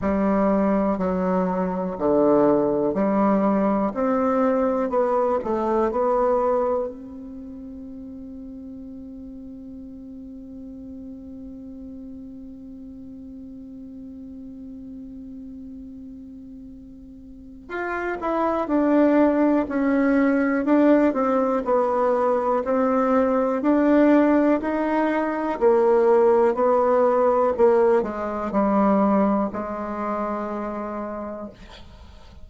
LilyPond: \new Staff \with { instrumentName = "bassoon" } { \time 4/4 \tempo 4 = 61 g4 fis4 d4 g4 | c'4 b8 a8 b4 c'4~ | c'1~ | c'1~ |
c'2 f'8 e'8 d'4 | cis'4 d'8 c'8 b4 c'4 | d'4 dis'4 ais4 b4 | ais8 gis8 g4 gis2 | }